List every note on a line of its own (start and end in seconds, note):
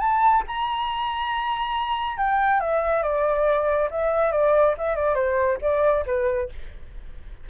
0.00 0.43 A5
0.47 2.17 A#5
2.17 2.60 G5
2.60 3.03 E5
3.03 3.89 D5
3.91 4.32 E5
4.32 4.75 D5
4.78 4.96 E5
4.96 5.15 D5
5.15 5.58 C5
5.62 6.05 D5
6.06 6.50 B4